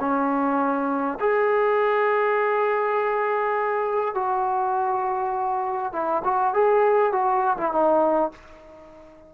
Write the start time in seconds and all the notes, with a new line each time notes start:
0.00 C#4
1.20 G#4
4.14 F#4
5.93 E4
6.25 F#4
6.54 G#4
7.12 F#4
7.57 E4
7.72 D#4